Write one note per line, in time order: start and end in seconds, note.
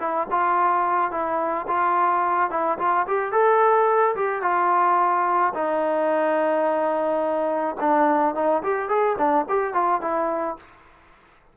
0.00 0.28 E4
0.31 1.11 F4
1.11 1.67 E4
1.68 2.51 F4
2.51 2.79 E4
2.79 3.07 F4
3.08 3.32 G4
3.32 4.16 A4
4.16 4.42 G4
4.42 5.54 F4
5.54 7.77 D#4
7.81 8.35 D4
8.35 8.63 D#4
8.63 8.89 G4
8.89 9.17 G#4
9.18 9.46 D4
9.49 9.74 G4
9.74 10.02 F4
10.02 10.57 E4